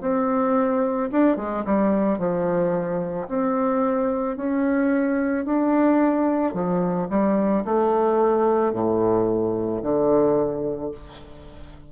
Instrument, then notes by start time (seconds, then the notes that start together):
bassoon
0.00 C4
1.11 D4
1.36 G#3
1.65 G3
2.18 F3
3.28 C4
4.36 C#4
5.45 D4
6.53 F3
7.09 G3
7.65 A3
8.73 A2
9.82 D3